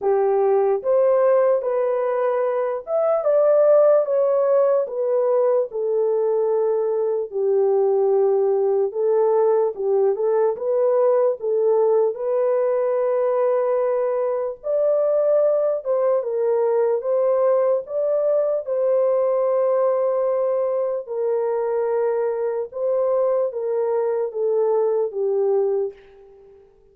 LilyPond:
\new Staff \with { instrumentName = "horn" } { \time 4/4 \tempo 4 = 74 g'4 c''4 b'4. e''8 | d''4 cis''4 b'4 a'4~ | a'4 g'2 a'4 | g'8 a'8 b'4 a'4 b'4~ |
b'2 d''4. c''8 | ais'4 c''4 d''4 c''4~ | c''2 ais'2 | c''4 ais'4 a'4 g'4 | }